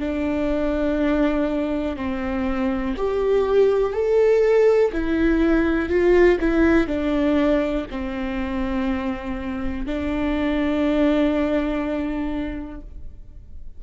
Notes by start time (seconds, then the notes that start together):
0.00 D4
1.97 C4
2.97 G4
3.93 A4
4.93 E4
5.90 F4
6.41 E4
6.88 D4
7.91 C4
9.86 D4